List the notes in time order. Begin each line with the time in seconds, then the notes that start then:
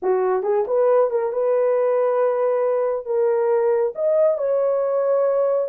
0.02 F#4
0.43 G#4
0.67 B4
1.10 A#4
1.32 B4
3.05 A#4
3.95 D#5
4.38 C#5